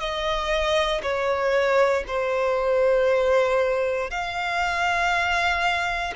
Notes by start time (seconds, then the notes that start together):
0.00 D#5
1.03 C#5
2.08 C5
4.10 F5